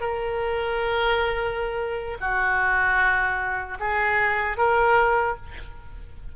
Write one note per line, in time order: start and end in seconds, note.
0.00 2.17 A#4
2.20 3.78 F#4
3.79 4.57 G#4
4.57 5.36 A#4